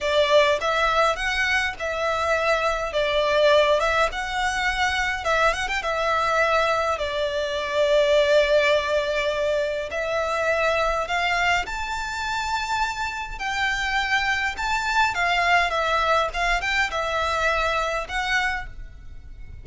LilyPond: \new Staff \with { instrumentName = "violin" } { \time 4/4 \tempo 4 = 103 d''4 e''4 fis''4 e''4~ | e''4 d''4. e''8 fis''4~ | fis''4 e''8 fis''16 g''16 e''2 | d''1~ |
d''4 e''2 f''4 | a''2. g''4~ | g''4 a''4 f''4 e''4 | f''8 g''8 e''2 fis''4 | }